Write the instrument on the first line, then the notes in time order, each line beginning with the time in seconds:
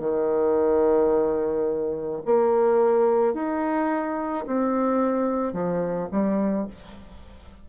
bassoon
0.00 D#3
2.25 A#3
3.34 D#4
4.47 C4
5.53 F3
6.12 G3